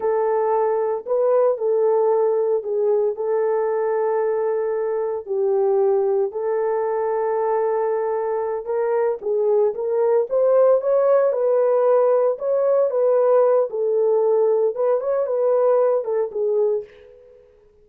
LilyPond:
\new Staff \with { instrumentName = "horn" } { \time 4/4 \tempo 4 = 114 a'2 b'4 a'4~ | a'4 gis'4 a'2~ | a'2 g'2 | a'1~ |
a'8 ais'4 gis'4 ais'4 c''8~ | c''8 cis''4 b'2 cis''8~ | cis''8 b'4. a'2 | b'8 cis''8 b'4. a'8 gis'4 | }